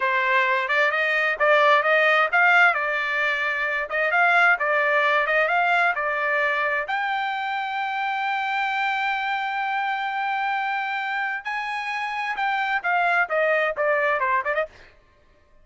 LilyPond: \new Staff \with { instrumentName = "trumpet" } { \time 4/4 \tempo 4 = 131 c''4. d''8 dis''4 d''4 | dis''4 f''4 d''2~ | d''8 dis''8 f''4 d''4. dis''8 | f''4 d''2 g''4~ |
g''1~ | g''1~ | g''4 gis''2 g''4 | f''4 dis''4 d''4 c''8 d''16 dis''16 | }